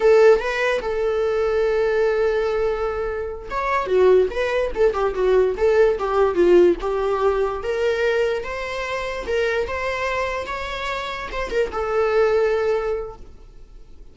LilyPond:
\new Staff \with { instrumentName = "viola" } { \time 4/4 \tempo 4 = 146 a'4 b'4 a'2~ | a'1~ | a'8 cis''4 fis'4 b'4 a'8 | g'8 fis'4 a'4 g'4 f'8~ |
f'8 g'2 ais'4.~ | ais'8 c''2 ais'4 c''8~ | c''4. cis''2 c''8 | ais'8 a'2.~ a'8 | }